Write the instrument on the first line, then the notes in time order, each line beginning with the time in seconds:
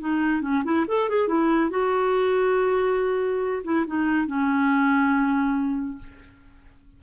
clarinet
0.00 D#4
0.42 C#4
0.64 E4
0.88 A4
1.09 G#4
1.28 E4
1.70 F#4
3.64 E4
3.87 D#4
4.27 C#4